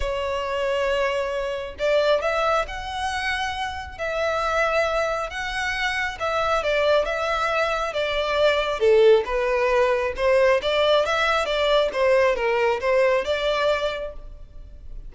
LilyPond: \new Staff \with { instrumentName = "violin" } { \time 4/4 \tempo 4 = 136 cis''1 | d''4 e''4 fis''2~ | fis''4 e''2. | fis''2 e''4 d''4 |
e''2 d''2 | a'4 b'2 c''4 | d''4 e''4 d''4 c''4 | ais'4 c''4 d''2 | }